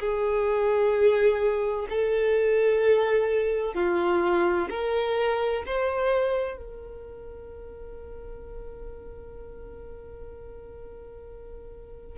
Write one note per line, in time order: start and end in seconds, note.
0.00 1.87 G#4
1.90 3.75 A4
3.75 4.68 F4
4.70 5.64 A#4
5.66 6.57 C5
6.57 12.18 A#4